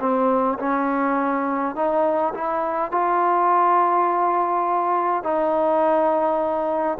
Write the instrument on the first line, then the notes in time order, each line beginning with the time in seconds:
trombone
0.00 C4
0.59 C#4
1.76 D#4
2.34 E4
2.92 F4
5.23 D#4